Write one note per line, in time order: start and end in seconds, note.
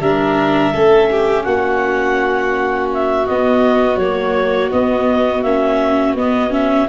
0.00 0.72 G3
0.00 0.73 D4
0.00 0.74 A#4
0.00 1.44 E5
0.73 1.46 A3
0.73 3.26 C#4
0.73 1.10 A4
1.11 1.46 G4
1.44 3.27 A#3
1.44 6.88 F#4
1.44 2.88 F#5
2.94 3.26 E5
3.26 3.96 B3
3.26 4.02 B3
3.26 3.97 D#5
3.96 4.69 F#3
3.96 4.71 A#3
3.96 4.70 C#5
4.71 5.43 B3
4.71 5.44 B3
4.71 5.43 D#5
5.43 6.15 A#3
5.43 6.17 C#4
5.43 6.15 E5
6.15 6.87 B3
6.15 6.50 B3
6.15 6.53 D#5
6.50 6.86 C#4
6.50 6.89 E5